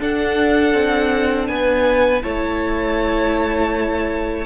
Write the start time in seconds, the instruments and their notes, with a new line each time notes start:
0.00 cello D4, viola D4, violin A4 F#5
0.74 cello C4
1.48 cello B3, violin B4 G#5
2.22 cello A3, viola E4, violin C#5 A5